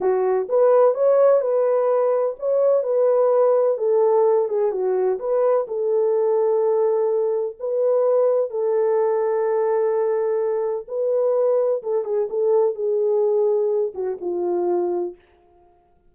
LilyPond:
\new Staff \with { instrumentName = "horn" } { \time 4/4 \tempo 4 = 127 fis'4 b'4 cis''4 b'4~ | b'4 cis''4 b'2 | a'4. gis'8 fis'4 b'4 | a'1 |
b'2 a'2~ | a'2. b'4~ | b'4 a'8 gis'8 a'4 gis'4~ | gis'4. fis'8 f'2 | }